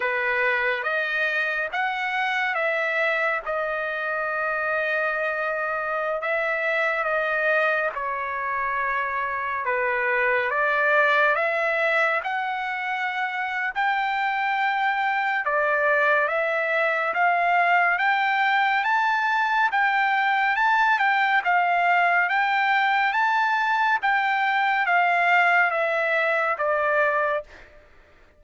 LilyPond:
\new Staff \with { instrumentName = "trumpet" } { \time 4/4 \tempo 4 = 70 b'4 dis''4 fis''4 e''4 | dis''2.~ dis''16 e''8.~ | e''16 dis''4 cis''2 b'8.~ | b'16 d''4 e''4 fis''4.~ fis''16 |
g''2 d''4 e''4 | f''4 g''4 a''4 g''4 | a''8 g''8 f''4 g''4 a''4 | g''4 f''4 e''4 d''4 | }